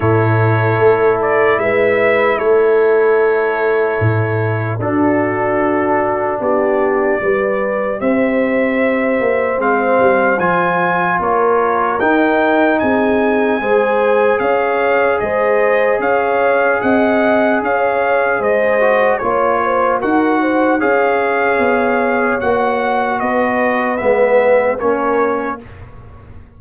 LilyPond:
<<
  \new Staff \with { instrumentName = "trumpet" } { \time 4/4 \tempo 4 = 75 cis''4. d''8 e''4 cis''4~ | cis''2 a'2 | d''2 e''2 | f''4 gis''4 cis''4 g''4 |
gis''2 f''4 dis''4 | f''4 fis''4 f''4 dis''4 | cis''4 fis''4 f''2 | fis''4 dis''4 e''4 cis''4 | }
  \new Staff \with { instrumentName = "horn" } { \time 4/4 a'2 b'4 a'4~ | a'2 fis'2 | g'4 b'4 c''2~ | c''2 ais'2 |
gis'4 c''4 cis''4 c''4 | cis''4 dis''4 cis''4 c''4 | cis''8 c''8 ais'8 c''8 cis''2~ | cis''4 b'2 ais'4 | }
  \new Staff \with { instrumentName = "trombone" } { \time 4/4 e'1~ | e'2 d'2~ | d'4 g'2. | c'4 f'2 dis'4~ |
dis'4 gis'2.~ | gis'2.~ gis'8 fis'8 | f'4 fis'4 gis'2 | fis'2 b4 cis'4 | }
  \new Staff \with { instrumentName = "tuba" } { \time 4/4 a,4 a4 gis4 a4~ | a4 a,4 d'2 | b4 g4 c'4. ais8 | gis8 g8 f4 ais4 dis'4 |
c'4 gis4 cis'4 gis4 | cis'4 c'4 cis'4 gis4 | ais4 dis'4 cis'4 b4 | ais4 b4 gis4 ais4 | }
>>